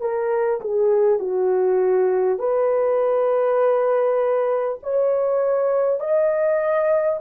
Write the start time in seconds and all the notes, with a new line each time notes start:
0.00 A#4
0.60 G#4
1.19 F#4
2.38 B4
4.82 C#5
6.00 D#5